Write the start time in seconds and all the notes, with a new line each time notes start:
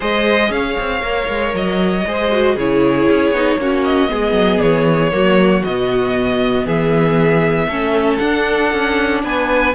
0.00 G#3 G#4 C5 D#5
0.50 C#4 C#5 F5
0.79 C4
1.01 A#3 A#4
1.28 G#3
1.53 F#3 D#5
2.06 G#3 G#4 C5
2.31 F#4
2.54 C#3 E4 G#4 C#5
3.08 C#4
3.31 B3 D#4
3.57 A#3 C#4 F#4
3.84 D#5
4.08 G#3 B3 G#4
4.32 F#3
4.60 E3 C#5
5.11 F#3 A#3 F#4
5.64 B2 B3 D#5
6.65 E3 G#4 E5
7.67 A3 C#4 A4
8.18 D4 F#5
8.72 C#4
9.23 B3 B4 G#5